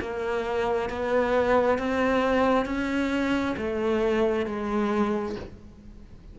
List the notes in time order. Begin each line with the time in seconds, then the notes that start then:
0.00 A#3
0.89 B3
1.78 C4
2.65 C#4
3.57 A3
4.46 G#3